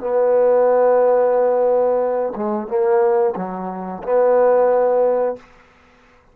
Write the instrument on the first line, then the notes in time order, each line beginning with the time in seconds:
trombone
0.00 B3
2.36 G#3
2.68 A#3
3.36 F#3
4.03 B3